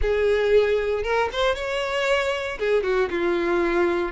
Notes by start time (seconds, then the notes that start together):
0.01 G#4
1.03 A#4
1.32 C5
1.55 C#5
2.59 G#4
2.83 F#4
3.10 F4